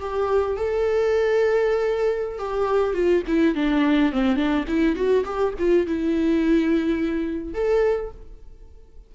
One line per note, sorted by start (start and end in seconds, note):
0.00 0.57 G4
0.57 2.39 A4
2.39 2.94 G4
2.94 3.23 F4
3.28 3.55 E4
3.55 4.12 D4
4.12 4.36 C4
4.36 4.65 D4
4.68 4.96 E4
4.96 5.25 F#4
5.25 5.54 G4
5.59 5.87 F4
5.87 7.54 E4
7.54 8.11 A4